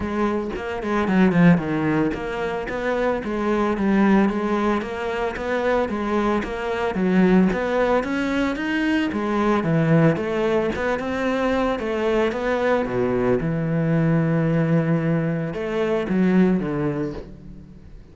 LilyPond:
\new Staff \with { instrumentName = "cello" } { \time 4/4 \tempo 4 = 112 gis4 ais8 gis8 fis8 f8 dis4 | ais4 b4 gis4 g4 | gis4 ais4 b4 gis4 | ais4 fis4 b4 cis'4 |
dis'4 gis4 e4 a4 | b8 c'4. a4 b4 | b,4 e2.~ | e4 a4 fis4 d4 | }